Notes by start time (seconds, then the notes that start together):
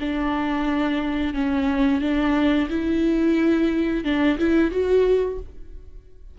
0.00 D4
1.34 C#4
2.01 D4
2.70 E4
4.04 D4
4.39 E4
4.71 F#4